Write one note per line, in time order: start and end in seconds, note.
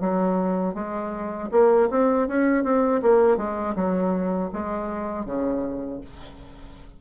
0.00 0.74 F#3
0.74 1.49 G#3
1.51 1.89 A#3
1.90 2.27 C4
2.27 2.64 C#4
2.64 3.01 C4
3.02 3.37 A#3
3.37 3.74 G#3
3.75 4.50 F#3
4.52 5.25 G#3
5.25 6.00 C#3